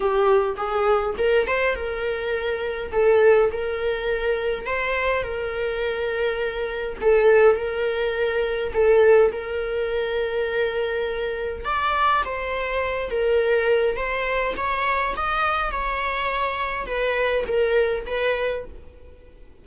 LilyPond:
\new Staff \with { instrumentName = "viola" } { \time 4/4 \tempo 4 = 103 g'4 gis'4 ais'8 c''8 ais'4~ | ais'4 a'4 ais'2 | c''4 ais'2. | a'4 ais'2 a'4 |
ais'1 | d''4 c''4. ais'4. | c''4 cis''4 dis''4 cis''4~ | cis''4 b'4 ais'4 b'4 | }